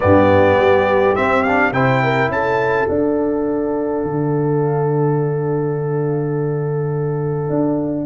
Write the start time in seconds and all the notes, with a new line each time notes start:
0.00 G2 B3 G4 D5
0.57 G3
1.15 C4 E5
1.42 D4 F5
1.71 C3 E4 C5 G5
2.03 A#4
2.29 C#4 A4 A5
2.88 D4 F5
4.03 D3
7.49 D4